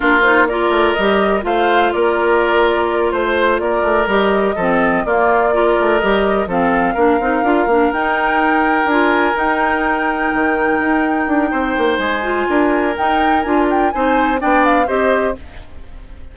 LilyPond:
<<
  \new Staff \with { instrumentName = "flute" } { \time 4/4 \tempo 4 = 125 ais'8 c''8 d''4 dis''4 f''4 | d''2~ d''8 c''4 d''8~ | d''8 dis''2 d''4.~ | d''8 dis''4 f''2~ f''8~ |
f''8 g''2 gis''4 g''8~ | g''1~ | g''4 gis''2 g''4 | gis''8 g''8 gis''4 g''8 f''8 dis''4 | }
  \new Staff \with { instrumentName = "oboe" } { \time 4/4 f'4 ais'2 c''4 | ais'2~ ais'8 c''4 ais'8~ | ais'4. a'4 f'4 ais'8~ | ais'4. a'4 ais'4.~ |
ais'1~ | ais'1 | c''2 ais'2~ | ais'4 c''4 d''4 c''4 | }
  \new Staff \with { instrumentName = "clarinet" } { \time 4/4 d'8 dis'8 f'4 g'4 f'4~ | f'1~ | f'8 g'4 c'4 ais4 f'8~ | f'8 g'4 c'4 d'8 dis'8 f'8 |
d'8 dis'2 f'4 dis'8~ | dis'1~ | dis'4. f'4. dis'4 | f'4 dis'4 d'4 g'4 | }
  \new Staff \with { instrumentName = "bassoon" } { \time 4/4 ais4. a8 g4 a4 | ais2~ ais8 a4 ais8 | a8 g4 f4 ais4. | a8 g4 f4 ais8 c'8 d'8 |
ais8 dis'2 d'4 dis'8~ | dis'4. dis4 dis'4 d'8 | c'8 ais8 gis4 d'4 dis'4 | d'4 c'4 b4 c'4 | }
>>